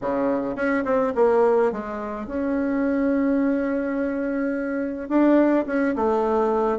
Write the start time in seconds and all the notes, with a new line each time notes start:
0.01 C#3
0.55 C#4
0.84 C4
1.15 A#3
1.72 G#3
2.26 C#4
5.08 D4
5.66 C#4
5.95 A3